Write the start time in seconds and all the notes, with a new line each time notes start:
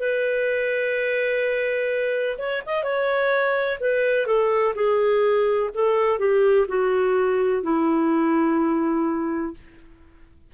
0.00 B4
2.39 C#5
2.67 D#5
2.84 C#5
3.81 B4
4.27 A4
4.75 G#4
5.74 A4
6.19 G4
6.68 F#4
7.63 E4